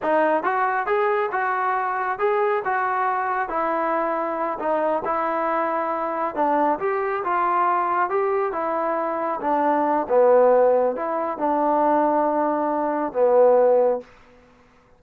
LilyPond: \new Staff \with { instrumentName = "trombone" } { \time 4/4 \tempo 4 = 137 dis'4 fis'4 gis'4 fis'4~ | fis'4 gis'4 fis'2 | e'2~ e'8 dis'4 e'8~ | e'2~ e'8 d'4 g'8~ |
g'8 f'2 g'4 e'8~ | e'4. d'4. b4~ | b4 e'4 d'2~ | d'2 b2 | }